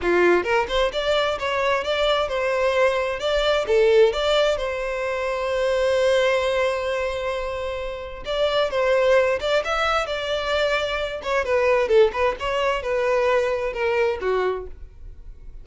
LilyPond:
\new Staff \with { instrumentName = "violin" } { \time 4/4 \tempo 4 = 131 f'4 ais'8 c''8 d''4 cis''4 | d''4 c''2 d''4 | a'4 d''4 c''2~ | c''1~ |
c''2 d''4 c''4~ | c''8 d''8 e''4 d''2~ | d''8 cis''8 b'4 a'8 b'8 cis''4 | b'2 ais'4 fis'4 | }